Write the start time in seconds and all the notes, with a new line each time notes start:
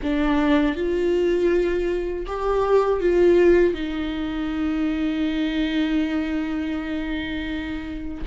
0.02 D4
0.75 F4
2.26 G4
3.00 F4
3.74 D#4